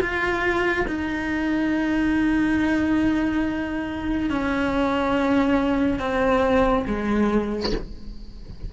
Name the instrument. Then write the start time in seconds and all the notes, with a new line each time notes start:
cello
0.00 F4
0.87 D#4
4.29 C#4
5.99 C4
6.86 G#3